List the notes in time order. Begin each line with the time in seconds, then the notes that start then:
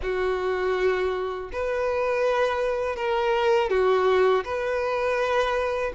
0.02 F#4
1.52 B4
2.96 A#4
3.69 F#4
4.44 B4